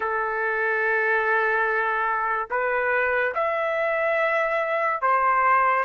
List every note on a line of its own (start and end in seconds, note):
0.00 2.48 A4
2.50 3.33 B4
3.34 5.01 E5
5.01 5.84 C5